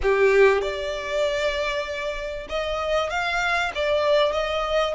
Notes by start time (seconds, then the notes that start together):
0.02 G4
0.61 D5
2.49 D#5
3.10 F5
3.74 D5
4.32 D#5